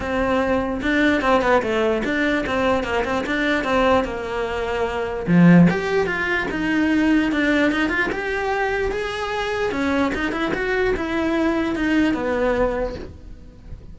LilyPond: \new Staff \with { instrumentName = "cello" } { \time 4/4 \tempo 4 = 148 c'2 d'4 c'8 b8 | a4 d'4 c'4 ais8 c'8 | d'4 c'4 ais2~ | ais4 f4 g'4 f'4 |
dis'2 d'4 dis'8 f'8 | g'2 gis'2 | cis'4 dis'8 e'8 fis'4 e'4~ | e'4 dis'4 b2 | }